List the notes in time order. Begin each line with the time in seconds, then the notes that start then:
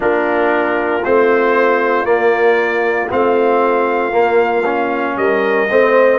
0.00 A#3 D4 F4 A#4
1.04 A3 C4 C5
2.04 A#3 D5
3.09 A3 C4 F5
4.11 A#3
4.64 C#4
5.16 G3 A#4 D#5
5.70 A3 C4 C5